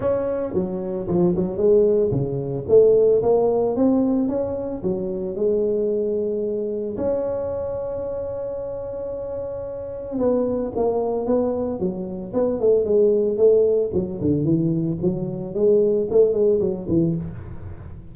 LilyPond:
\new Staff \with { instrumentName = "tuba" } { \time 4/4 \tempo 4 = 112 cis'4 fis4 f8 fis8 gis4 | cis4 a4 ais4 c'4 | cis'4 fis4 gis2~ | gis4 cis'2.~ |
cis'2. b4 | ais4 b4 fis4 b8 a8 | gis4 a4 fis8 d8 e4 | fis4 gis4 a8 gis8 fis8 e8 | }